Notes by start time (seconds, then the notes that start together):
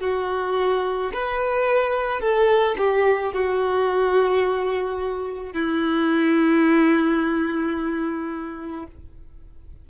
0.00 F#4
1.13 B4
2.20 A4
2.78 G4
3.33 F#4
5.53 E4